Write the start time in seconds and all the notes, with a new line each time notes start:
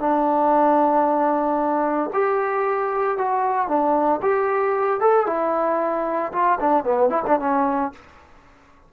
0.00 D4
2.14 G4
3.18 F#4
3.68 D4
4.22 G4
5.01 A4
5.27 E4
6.33 F4
6.61 D4
6.84 B3
7.10 E4
7.27 D4
7.40 C#4